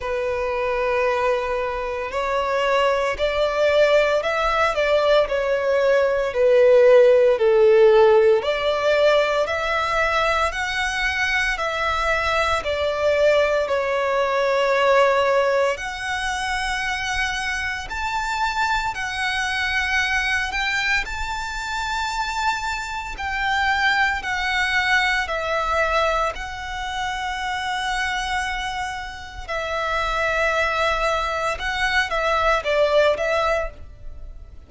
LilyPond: \new Staff \with { instrumentName = "violin" } { \time 4/4 \tempo 4 = 57 b'2 cis''4 d''4 | e''8 d''8 cis''4 b'4 a'4 | d''4 e''4 fis''4 e''4 | d''4 cis''2 fis''4~ |
fis''4 a''4 fis''4. g''8 | a''2 g''4 fis''4 | e''4 fis''2. | e''2 fis''8 e''8 d''8 e''8 | }